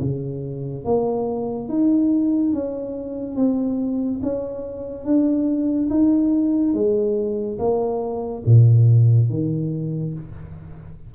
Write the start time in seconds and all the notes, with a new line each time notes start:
0.00 C#3
0.85 A#3
1.69 D#4
2.53 C#4
3.36 C4
4.23 C#4
5.05 D4
5.90 D#4
6.74 G#3
7.59 A#3
8.46 A#2
9.29 D#3